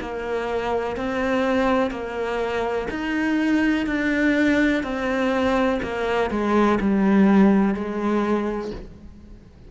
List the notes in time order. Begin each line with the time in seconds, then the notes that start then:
0.00 A#3
0.96 C4
1.90 A#3
2.90 D#4
3.86 D4
4.83 C4
5.82 A#3
6.30 G#3
6.80 G3
7.74 G#3